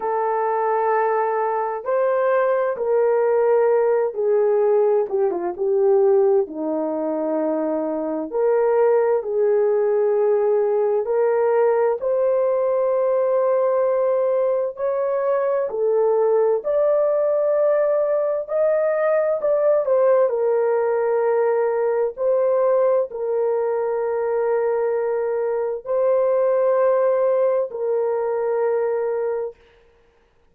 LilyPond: \new Staff \with { instrumentName = "horn" } { \time 4/4 \tempo 4 = 65 a'2 c''4 ais'4~ | ais'8 gis'4 g'16 f'16 g'4 dis'4~ | dis'4 ais'4 gis'2 | ais'4 c''2. |
cis''4 a'4 d''2 | dis''4 d''8 c''8 ais'2 | c''4 ais'2. | c''2 ais'2 | }